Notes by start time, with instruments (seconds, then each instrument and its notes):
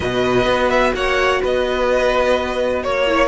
0.00 cello B2, viola F#4, violin B4 D#5
0.45 cello B3
0.69 violin E5
0.93 cello A#3, violin C#5 F#5
1.41 cello B3, violin B4 D#5
2.82 cello A#3, violin C#5
3.06 viola E4